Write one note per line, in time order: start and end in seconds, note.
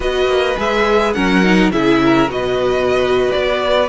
0.00 0.27 B3
0.00 0.56 F#4
0.00 1.14 B4
0.00 0.58 D#5
0.27 0.56 A#3
0.57 1.15 G#3
0.57 1.14 G#4
0.57 1.13 E5
1.13 1.71 F#3
1.13 1.42 C#4
1.13 1.72 A#4
1.13 1.71 F#5
1.42 1.71 D#4
1.71 2.28 C#3
1.71 2.28 E4
1.71 2.02 G#4
1.71 2.29 E5
2.04 2.33 A#4
2.28 3.29 B2
2.28 3.87 F#4
2.28 3.88 B4
2.28 3.31 D#5
3.31 3.88 B3
3.31 3.88 D5